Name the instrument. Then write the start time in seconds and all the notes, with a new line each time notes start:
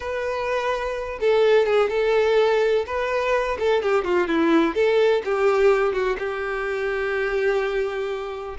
violin
0.00 B4
1.20 A4
1.65 G#4
1.89 A4
2.86 B4
3.59 A4
3.82 G4
4.04 F4
4.27 E4
4.74 A4
5.24 G4
5.93 F#4
6.18 G4